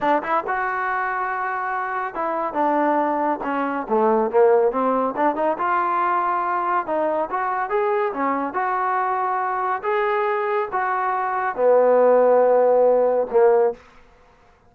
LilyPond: \new Staff \with { instrumentName = "trombone" } { \time 4/4 \tempo 4 = 140 d'8 e'8 fis'2.~ | fis'4 e'4 d'2 | cis'4 a4 ais4 c'4 | d'8 dis'8 f'2. |
dis'4 fis'4 gis'4 cis'4 | fis'2. gis'4~ | gis'4 fis'2 b4~ | b2. ais4 | }